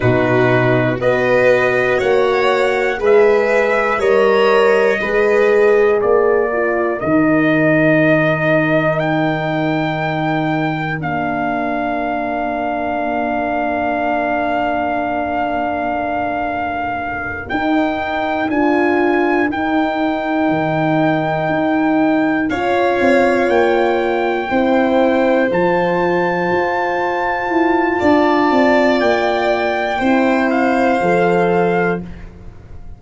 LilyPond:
<<
  \new Staff \with { instrumentName = "trumpet" } { \time 4/4 \tempo 4 = 60 b'4 dis''4 fis''4 e''4 | dis''2 d''4 dis''4~ | dis''4 g''2 f''4~ | f''1~ |
f''4. g''4 gis''4 g''8~ | g''2~ g''8 f''4 g''8~ | g''4. a''2~ a''8~ | a''4 g''4. f''4. | }
  \new Staff \with { instrumentName = "violin" } { \time 4/4 fis'4 b'4 cis''4 b'4 | cis''4 b'4 ais'2~ | ais'1~ | ais'1~ |
ais'1~ | ais'2~ ais'8 cis''4.~ | cis''8 c''2.~ c''8 | d''2 c''2 | }
  \new Staff \with { instrumentName = "horn" } { \time 4/4 dis'4 fis'2 gis'4 | ais'4 gis'4. f'8 dis'4~ | dis'2. d'4~ | d'1~ |
d'4. dis'4 f'4 dis'8~ | dis'2~ dis'8 f'4.~ | f'8 e'4 f'2~ f'8~ | f'2 e'4 a'4 | }
  \new Staff \with { instrumentName = "tuba" } { \time 4/4 b,4 b4 ais4 gis4 | g4 gis4 ais4 dis4~ | dis2. ais4~ | ais1~ |
ais4. dis'4 d'4 dis'8~ | dis'8 dis4 dis'4 cis'8 c'8 ais8~ | ais8 c'4 f4 f'4 e'8 | d'8 c'8 ais4 c'4 f4 | }
>>